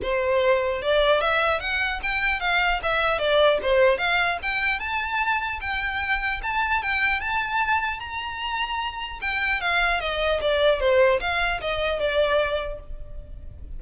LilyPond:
\new Staff \with { instrumentName = "violin" } { \time 4/4 \tempo 4 = 150 c''2 d''4 e''4 | fis''4 g''4 f''4 e''4 | d''4 c''4 f''4 g''4 | a''2 g''2 |
a''4 g''4 a''2 | ais''2. g''4 | f''4 dis''4 d''4 c''4 | f''4 dis''4 d''2 | }